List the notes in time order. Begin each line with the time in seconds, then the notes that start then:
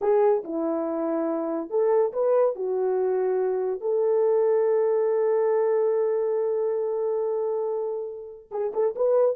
0.01 G#4
0.44 E4
1.70 A4
2.13 B4
2.55 F#4
3.81 A4
8.51 G#4
8.73 A4
8.95 B4